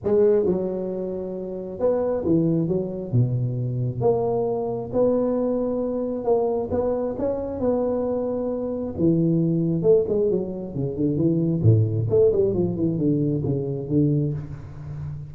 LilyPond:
\new Staff \with { instrumentName = "tuba" } { \time 4/4 \tempo 4 = 134 gis4 fis2. | b4 e4 fis4 b,4~ | b,4 ais2 b4~ | b2 ais4 b4 |
cis'4 b2. | e2 a8 gis8 fis4 | cis8 d8 e4 a,4 a8 g8 | f8 e8 d4 cis4 d4 | }